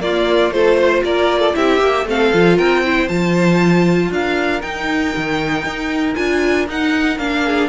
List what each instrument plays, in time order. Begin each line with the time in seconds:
0.00 cello A#3, viola A#3, violin F4 D5
0.51 cello A3, viola F4, violin A4 C5
0.77 violin C5
1.04 cello A#3, violin A#4 D5
1.40 violin A4
1.54 cello C4, viola E4, violin G4 E5
1.79 cello A#3, viola G4
2.05 cello A3, viola C4, violin A4 F5
2.34 cello F3, viola F4
2.57 cello C4, violin A#4 G5
2.85 viola E4, violin C5
3.08 cello F3, viola F4, violin A5
4.11 cello D4, violin A#4 F5
4.62 viola D#4, cello D#4, violin G5
5.16 cello D#3
5.64 cello D#4
6.15 cello D4, viola F4, violin G#5
6.68 cello D#4, viola D#4, violin F#5
7.18 cello A#3, viola D4, violin F5
7.45 violin G#4